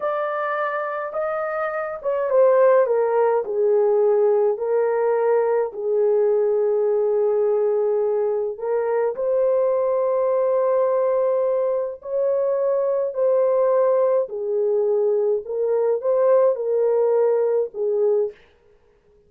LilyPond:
\new Staff \with { instrumentName = "horn" } { \time 4/4 \tempo 4 = 105 d''2 dis''4. cis''8 | c''4 ais'4 gis'2 | ais'2 gis'2~ | gis'2. ais'4 |
c''1~ | c''4 cis''2 c''4~ | c''4 gis'2 ais'4 | c''4 ais'2 gis'4 | }